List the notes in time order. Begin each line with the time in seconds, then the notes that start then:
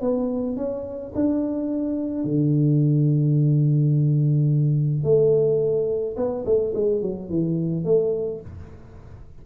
0.00 B3
0.56 C#4
1.14 D4
2.24 D3
5.03 A3
6.16 B3
6.45 A3
6.74 G#3
7.01 F#3
7.29 E3
7.84 A3